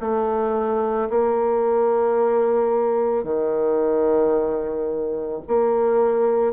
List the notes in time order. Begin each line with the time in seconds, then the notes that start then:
0.00 A3
1.10 A#3
3.24 D#3
5.48 A#3